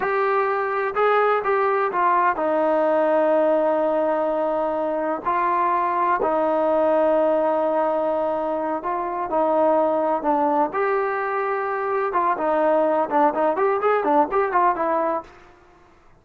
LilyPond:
\new Staff \with { instrumentName = "trombone" } { \time 4/4 \tempo 4 = 126 g'2 gis'4 g'4 | f'4 dis'2.~ | dis'2. f'4~ | f'4 dis'2.~ |
dis'2~ dis'8 f'4 dis'8~ | dis'4. d'4 g'4.~ | g'4. f'8 dis'4. d'8 | dis'8 g'8 gis'8 d'8 g'8 f'8 e'4 | }